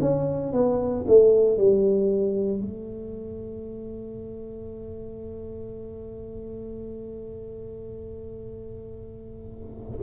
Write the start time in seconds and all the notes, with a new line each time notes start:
0.00 C#4
0.52 B3
1.07 A3
1.57 G3
2.61 A3